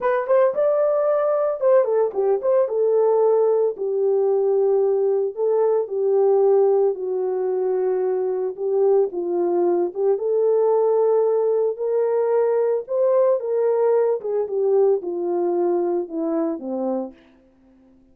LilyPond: \new Staff \with { instrumentName = "horn" } { \time 4/4 \tempo 4 = 112 b'8 c''8 d''2 c''8 a'8 | g'8 c''8 a'2 g'4~ | g'2 a'4 g'4~ | g'4 fis'2. |
g'4 f'4. g'8 a'4~ | a'2 ais'2 | c''4 ais'4. gis'8 g'4 | f'2 e'4 c'4 | }